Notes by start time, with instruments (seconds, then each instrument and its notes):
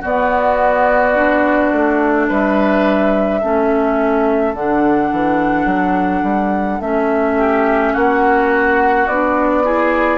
0.00 clarinet B3, bassoon B3, oboe F#4, flute D5
1.15 clarinet D4
1.72 bassoon A3
2.29 bassoon G3, oboe B4, flute E5
3.41 bassoon A3, clarinet C#4, oboe A4
4.54 bassoon D3, clarinet D4, flute F#5
5.12 bassoon E3
5.65 bassoon F#3
6.23 bassoon G3
6.80 bassoon A3, clarinet C#4, flute E5
7.37 oboe G4
7.93 bassoon A#3, oboe F#4, flute F#5
9.07 bassoon B3, clarinet D4, flute D5
9.64 clarinet E4, oboe G#4